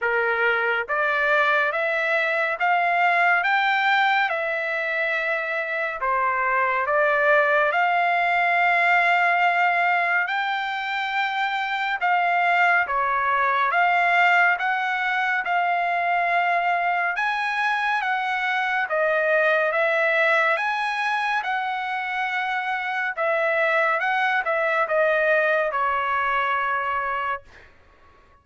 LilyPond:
\new Staff \with { instrumentName = "trumpet" } { \time 4/4 \tempo 4 = 70 ais'4 d''4 e''4 f''4 | g''4 e''2 c''4 | d''4 f''2. | g''2 f''4 cis''4 |
f''4 fis''4 f''2 | gis''4 fis''4 dis''4 e''4 | gis''4 fis''2 e''4 | fis''8 e''8 dis''4 cis''2 | }